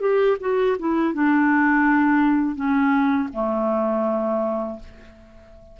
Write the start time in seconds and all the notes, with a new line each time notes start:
0.00 G4
0.40 F#4
0.79 E4
1.13 D4
2.55 C#4
3.33 A3